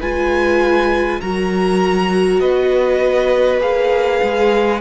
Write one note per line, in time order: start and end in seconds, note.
0.00 1.21 G#3
0.00 1.22 F4
0.00 1.20 B4
0.00 1.21 G#5
1.21 2.40 F#3
1.21 3.60 F#4
1.21 2.41 A#4
1.21 2.40 A#5
2.40 3.60 B3
2.40 4.81 B4
2.40 3.60 D#5
3.60 4.20 A#3
3.60 4.80 G#4
3.60 4.81 F5
4.23 4.81 G#3